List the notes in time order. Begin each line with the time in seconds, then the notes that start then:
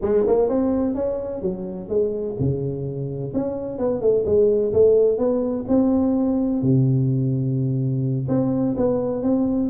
0.01 G#3
0.26 A#3
0.49 C4
0.94 C#4
1.41 F#3
1.89 G#3
2.39 C#3
3.33 C#4
3.78 B3
4.01 A3
4.25 G#3
4.73 A3
5.18 B3
5.68 C4
6.62 C3
8.28 C4
8.76 B3
9.23 C4